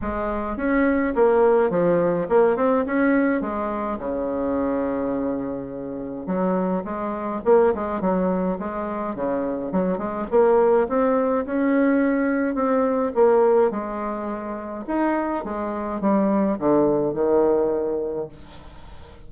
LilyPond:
\new Staff \with { instrumentName = "bassoon" } { \time 4/4 \tempo 4 = 105 gis4 cis'4 ais4 f4 | ais8 c'8 cis'4 gis4 cis4~ | cis2. fis4 | gis4 ais8 gis8 fis4 gis4 |
cis4 fis8 gis8 ais4 c'4 | cis'2 c'4 ais4 | gis2 dis'4 gis4 | g4 d4 dis2 | }